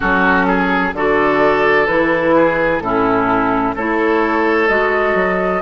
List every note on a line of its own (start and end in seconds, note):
0.00 0.93 F#3
0.00 0.92 C#4
0.00 0.46 F#4
0.00 0.94 A4
0.47 0.94 G#4
0.93 1.87 D3
0.93 1.87 F#4
0.93 2.35 A4
0.93 1.87 D5
1.87 2.80 E3
1.87 2.81 E4
1.87 2.80 B4
2.35 2.82 G#4
2.80 3.73 A2
2.80 3.77 C#4
2.80 3.75 E4
2.80 3.74 A4
3.75 4.69 A3
3.75 4.68 E4
3.75 5.61 A4
3.75 4.68 C#5
4.68 5.14 G#3
4.68 5.61 F#4
4.68 5.61 D#5
5.14 5.61 F#3